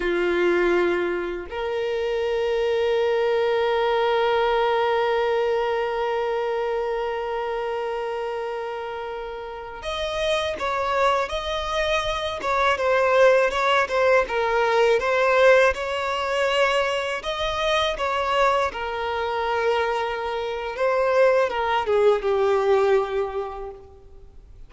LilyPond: \new Staff \with { instrumentName = "violin" } { \time 4/4 \tempo 4 = 81 f'2 ais'2~ | ais'1~ | ais'1~ | ais'4~ ais'16 dis''4 cis''4 dis''8.~ |
dis''8. cis''8 c''4 cis''8 c''8 ais'8.~ | ais'16 c''4 cis''2 dis''8.~ | dis''16 cis''4 ais'2~ ais'8. | c''4 ais'8 gis'8 g'2 | }